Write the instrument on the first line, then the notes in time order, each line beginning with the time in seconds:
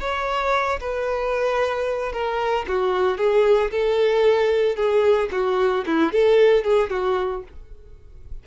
violin
0.00 C#5
0.80 B4
2.12 A#4
2.68 F#4
3.18 G#4
3.71 A4
4.76 G#4
5.31 F#4
5.86 E4
6.12 A4
6.64 G#4
6.90 F#4